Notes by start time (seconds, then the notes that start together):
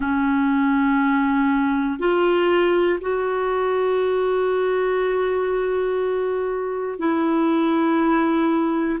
0.00 C#4
1.99 F4
3.00 F#4
6.98 E4